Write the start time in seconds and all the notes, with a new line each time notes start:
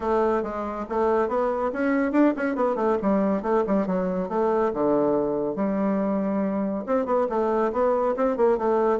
0.00 A3
0.42 G#3
0.89 A3
1.28 B3
1.72 C#4
2.12 D4
2.36 C#4
2.55 B3
2.75 A3
3.02 G3
3.42 A3
3.66 G3
3.86 F#3
4.29 A3
4.73 D3
5.55 G3
6.86 C4
7.05 B3
7.29 A3
7.72 B3
8.16 C4
8.36 A#3
8.58 A3